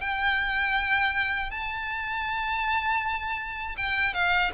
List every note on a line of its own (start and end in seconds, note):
0.00 1.50 G5
1.50 3.75 A5
3.77 4.14 G5
4.14 4.51 F5